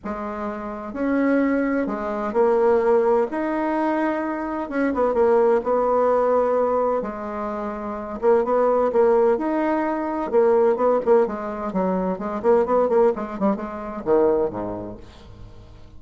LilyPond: \new Staff \with { instrumentName = "bassoon" } { \time 4/4 \tempo 4 = 128 gis2 cis'2 | gis4 ais2 dis'4~ | dis'2 cis'8 b8 ais4 | b2. gis4~ |
gis4. ais8 b4 ais4 | dis'2 ais4 b8 ais8 | gis4 fis4 gis8 ais8 b8 ais8 | gis8 g8 gis4 dis4 gis,4 | }